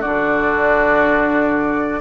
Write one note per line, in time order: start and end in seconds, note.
0.00 2.00 D3
0.00 2.00 D4
0.00 2.00 F#4
0.00 2.00 D5